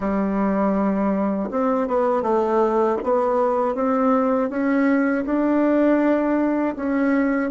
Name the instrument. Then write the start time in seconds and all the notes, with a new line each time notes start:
bassoon
0.00 G3
1.50 C4
1.87 B3
2.22 A3
3.03 B3
3.74 C4
4.49 C#4
5.25 D4
6.76 C#4